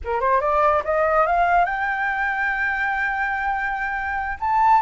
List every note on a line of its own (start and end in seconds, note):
0.04 0.20 A#4
0.20 0.40 C5
0.40 0.82 D5
0.84 1.26 D#5
1.26 1.65 F5
1.65 4.38 G5
4.40 4.82 A5